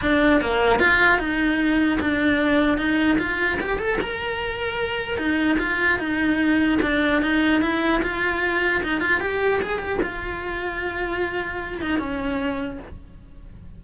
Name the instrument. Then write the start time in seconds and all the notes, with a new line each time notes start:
cello
0.01 D4
0.40 A#3
0.79 F4
1.18 D#4
2.00 D4
2.77 D#4
3.18 F4
3.60 G4
3.78 A4
4.01 A#4
5.17 D#4
5.58 F4
5.98 D#4
6.81 D4
7.21 D#4
7.61 E4
8.02 F4
8.83 D#4
9.00 F4
9.20 G4
9.61 G#4
9.79 G4
10.02 F4
11.81 D#4
11.98 C#4